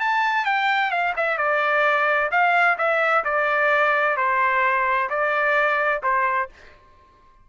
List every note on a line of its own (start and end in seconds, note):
0.00 0.46 A5
0.46 0.91 G5
0.91 1.14 F5
1.16 1.38 E5
1.38 2.30 D5
2.31 2.77 F5
2.78 3.24 E5
3.25 4.17 D5
4.17 5.09 C5
5.10 6.02 D5
6.03 6.49 C5